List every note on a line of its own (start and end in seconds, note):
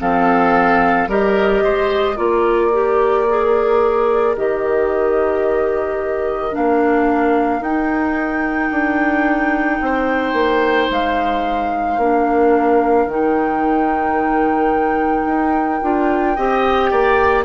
0.00 1.08 F3
0.00 1.09 C4
0.00 1.09 A4
0.00 1.10 F5
1.08 1.62 G3
1.08 2.17 G4
1.08 1.64 A#4
1.08 2.18 D#5
1.63 2.18 G#3
1.63 2.17 C5
2.17 4.36 A#3
2.17 2.71 F4
2.17 9.80 A#4
2.17 4.36 D5
2.73 3.27 G4
3.29 4.36 G#4
4.36 6.55 D#3
4.36 6.52 G4
4.36 6.56 D#5
6.52 7.60 A#3
6.52 7.61 D4
6.52 7.63 F5
7.60 8.70 D#4
7.60 12.01 D#4
7.60 10.91 G5
8.71 9.80 D4
9.81 10.33 C4
9.81 12.01 C5
10.33 10.88 A#3
10.90 11.98 G#3
10.90 13.09 F5
11.98 13.06 A#3
11.98 13.10 D4
11.98 16.36 A#4
13.06 15.25 D#3
13.06 15.82 D#4
13.06 17.45 G5
15.26 15.80 D#4
15.82 16.37 D4
15.82 16.36 F4
16.36 16.92 C4
16.36 17.45 G4
16.36 16.91 D#5
16.91 17.45 A#3
16.91 17.45 D5